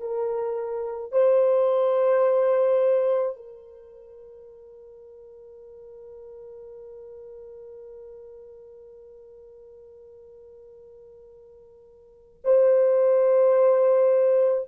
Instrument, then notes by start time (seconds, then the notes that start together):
horn
0.00 A#4
1.12 C5
3.36 A#4
12.44 C5